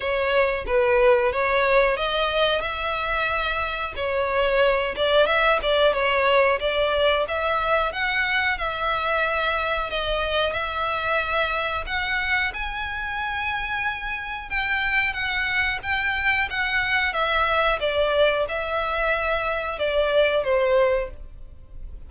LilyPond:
\new Staff \with { instrumentName = "violin" } { \time 4/4 \tempo 4 = 91 cis''4 b'4 cis''4 dis''4 | e''2 cis''4. d''8 | e''8 d''8 cis''4 d''4 e''4 | fis''4 e''2 dis''4 |
e''2 fis''4 gis''4~ | gis''2 g''4 fis''4 | g''4 fis''4 e''4 d''4 | e''2 d''4 c''4 | }